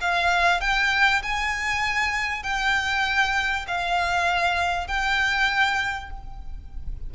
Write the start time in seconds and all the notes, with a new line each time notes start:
0.00 F5
0.60 G5
1.22 G#5
2.43 G5
3.67 F5
4.87 G5